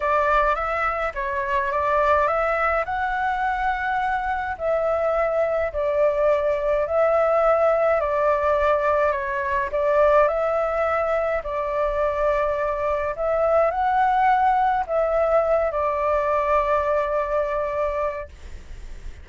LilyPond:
\new Staff \with { instrumentName = "flute" } { \time 4/4 \tempo 4 = 105 d''4 e''4 cis''4 d''4 | e''4 fis''2. | e''2 d''2 | e''2 d''2 |
cis''4 d''4 e''2 | d''2. e''4 | fis''2 e''4. d''8~ | d''1 | }